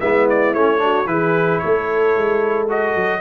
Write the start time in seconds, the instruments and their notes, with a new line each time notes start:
0.00 tuba G#3, trombone B3, horn E4, trumpet E5
0.29 trumpet D5
0.54 tuba A3, trombone C#4, trumpet C#5
0.78 trombone D4, horn F#4
1.06 tuba E3, trombone E4, horn G#4, trumpet B4
1.59 tuba A3, horn A4, trumpet C#5
2.17 tuba G#3
2.69 trombone F#4, trumpet D#5
2.96 tuba F#3